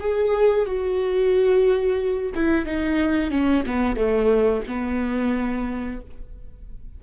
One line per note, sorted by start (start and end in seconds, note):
0.00 0.66 G#4
0.66 2.33 F#4
2.35 2.66 E4
2.66 3.31 D#4
3.31 3.64 C#4
3.66 3.96 B3
3.96 4.63 A3
4.68 6.01 B3